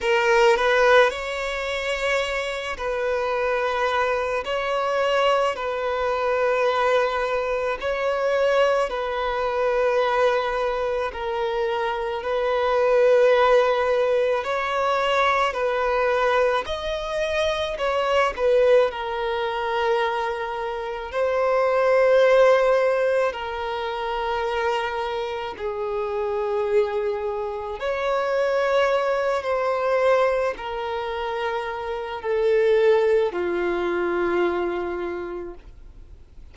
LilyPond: \new Staff \with { instrumentName = "violin" } { \time 4/4 \tempo 4 = 54 ais'8 b'8 cis''4. b'4. | cis''4 b'2 cis''4 | b'2 ais'4 b'4~ | b'4 cis''4 b'4 dis''4 |
cis''8 b'8 ais'2 c''4~ | c''4 ais'2 gis'4~ | gis'4 cis''4. c''4 ais'8~ | ais'4 a'4 f'2 | }